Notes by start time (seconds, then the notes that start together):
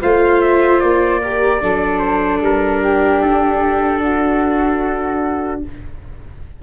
0.00 A3 F4 C5 F5
0.41 E5
0.80 A#3 D5
1.21 G4 A#4
1.61 F#3 D4 A4
1.99 C5
2.40 G3 A#4
2.82 G4
3.21 D4 A4
4.02 F#4